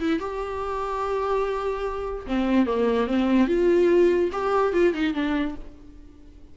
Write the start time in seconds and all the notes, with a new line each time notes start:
0.00 E4
0.19 G4
2.27 C4
2.66 A#3
3.07 C4
3.48 F4
4.32 G4
4.73 F4
4.94 D#4
5.14 D4